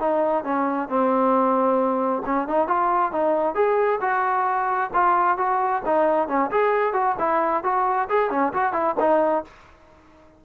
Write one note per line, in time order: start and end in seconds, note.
0.00 0.45 D#4
0.45 0.89 C#4
0.89 2.23 C4
2.26 2.48 C#4
2.48 2.68 D#4
2.68 3.12 F4
3.12 3.55 D#4
3.55 4.00 G#4
4.01 4.91 F#4
4.94 5.38 F4
5.38 5.83 F#4
5.86 6.28 D#4
6.28 6.51 C#4
6.51 6.94 G#4
6.94 7.16 F#4
7.19 7.64 E4
7.64 8.09 F#4
8.10 8.31 G#4
8.31 8.53 C#4
8.54 8.73 F#4
8.73 8.96 E4
9.00 9.45 D#4